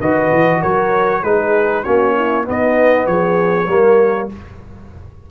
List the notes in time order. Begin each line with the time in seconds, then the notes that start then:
0.00 D#3 F#4 B4 D#5
0.33 E3
0.61 F#3 A#4 C#5
1.23 G#3 D#4 G#4 B4
1.84 A#3 C#4 F#4 C#5
2.16 E4
2.45 B3 D#4 D#5
3.07 F3 G#4 C#5
3.68 G3 A#3 A#4